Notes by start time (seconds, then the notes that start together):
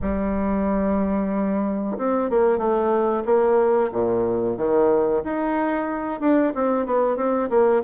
0.01 G3
1.97 C4
2.29 A#3
2.58 A3
3.25 A#3
3.92 A#2
4.57 D#3
5.24 D#4
6.20 D4
6.55 C4
6.86 B3
7.16 C4
7.49 A#3